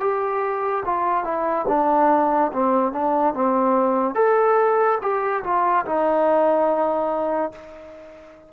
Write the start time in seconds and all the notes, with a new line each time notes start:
0.00 G4
0.85 F4
1.23 E4
1.68 D4
2.53 C4
2.92 D4
3.34 C4
4.15 A4
5.01 G4
5.43 F4
5.85 D#4